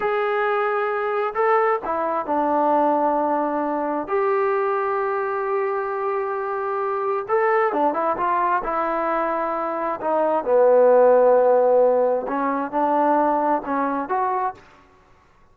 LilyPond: \new Staff \with { instrumentName = "trombone" } { \time 4/4 \tempo 4 = 132 gis'2. a'4 | e'4 d'2.~ | d'4 g'2.~ | g'1 |
a'4 d'8 e'8 f'4 e'4~ | e'2 dis'4 b4~ | b2. cis'4 | d'2 cis'4 fis'4 | }